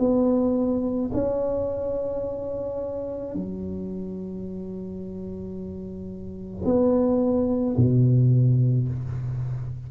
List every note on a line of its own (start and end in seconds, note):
0.00 1.11 B3
1.14 3.35 C#4
3.35 6.65 F#3
6.65 7.76 B3
7.77 8.88 B2